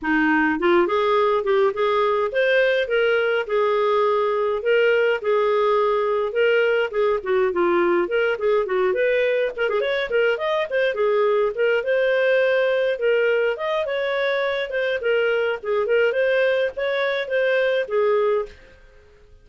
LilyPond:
\new Staff \with { instrumentName = "clarinet" } { \time 4/4 \tempo 4 = 104 dis'4 f'8 gis'4 g'8 gis'4 | c''4 ais'4 gis'2 | ais'4 gis'2 ais'4 | gis'8 fis'8 f'4 ais'8 gis'8 fis'8 b'8~ |
b'8 ais'16 gis'16 cis''8 ais'8 dis''8 c''8 gis'4 | ais'8 c''2 ais'4 dis''8 | cis''4. c''8 ais'4 gis'8 ais'8 | c''4 cis''4 c''4 gis'4 | }